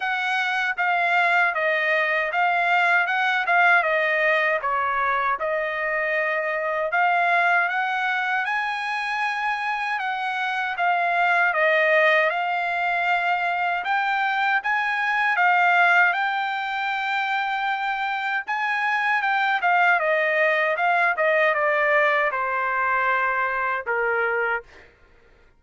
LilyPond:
\new Staff \with { instrumentName = "trumpet" } { \time 4/4 \tempo 4 = 78 fis''4 f''4 dis''4 f''4 | fis''8 f''8 dis''4 cis''4 dis''4~ | dis''4 f''4 fis''4 gis''4~ | gis''4 fis''4 f''4 dis''4 |
f''2 g''4 gis''4 | f''4 g''2. | gis''4 g''8 f''8 dis''4 f''8 dis''8 | d''4 c''2 ais'4 | }